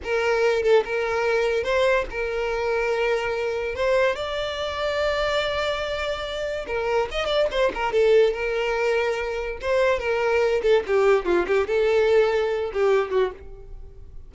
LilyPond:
\new Staff \with { instrumentName = "violin" } { \time 4/4 \tempo 4 = 144 ais'4. a'8 ais'2 | c''4 ais'2.~ | ais'4 c''4 d''2~ | d''1 |
ais'4 dis''8 d''8 c''8 ais'8 a'4 | ais'2. c''4 | ais'4. a'8 g'4 f'8 g'8 | a'2~ a'8 g'4 fis'8 | }